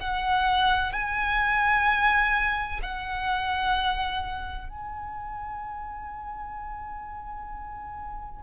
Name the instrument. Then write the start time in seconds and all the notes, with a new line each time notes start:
violin
0.00 F#5
0.93 G#5
2.83 F#5
4.70 G#5